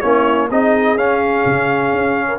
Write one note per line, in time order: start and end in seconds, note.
0.00 0.50 A#3
0.00 0.49 C#4
0.00 0.49 E4
0.00 0.48 C#5
0.50 0.96 C4
0.50 0.98 D#4
0.50 2.27 G#4
0.50 0.97 D#5
0.96 1.44 C#4
0.96 2.39 C#4
0.96 2.39 F5
1.45 1.92 C#3
1.92 2.39 C#4
2.27 2.39 A#4